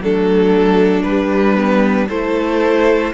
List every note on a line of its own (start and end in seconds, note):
0.00 1.03 F#3
0.00 1.06 A3
0.00 2.08 D4
0.00 1.03 A4
1.03 2.09 G3
1.03 1.56 G3
1.03 2.06 B4
1.56 2.08 B3
2.08 3.13 A3
2.08 3.13 E4
2.08 3.11 A4
2.08 3.13 C5